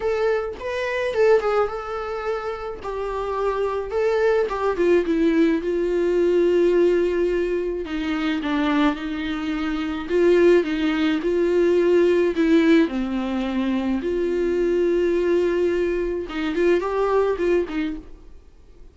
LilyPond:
\new Staff \with { instrumentName = "viola" } { \time 4/4 \tempo 4 = 107 a'4 b'4 a'8 gis'8 a'4~ | a'4 g'2 a'4 | g'8 f'8 e'4 f'2~ | f'2 dis'4 d'4 |
dis'2 f'4 dis'4 | f'2 e'4 c'4~ | c'4 f'2.~ | f'4 dis'8 f'8 g'4 f'8 dis'8 | }